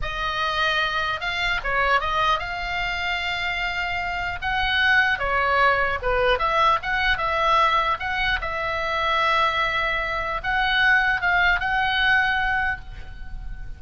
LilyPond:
\new Staff \with { instrumentName = "oboe" } { \time 4/4 \tempo 4 = 150 dis''2. f''4 | cis''4 dis''4 f''2~ | f''2. fis''4~ | fis''4 cis''2 b'4 |
e''4 fis''4 e''2 | fis''4 e''2.~ | e''2 fis''2 | f''4 fis''2. | }